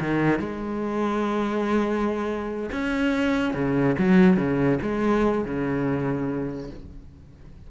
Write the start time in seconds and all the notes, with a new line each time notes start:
0.00 D#3
0.39 G#3
2.72 C#4
3.54 C#3
3.98 F#3
4.37 C#3
4.82 G#3
5.45 C#3